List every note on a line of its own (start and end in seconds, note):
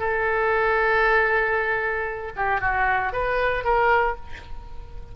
0.00 2.33 A4
2.37 2.61 G4
2.61 3.13 F#4
3.13 3.65 B4
3.65 4.16 A#4